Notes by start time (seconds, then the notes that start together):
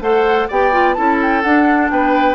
0.00 A3 A4 C5 F#5
0.48 B3 G4 D5 G5
0.72 F4
0.93 C#4 E4 A4 A5
1.22 G5
1.42 D4 F#5
1.90 B3 B4 G5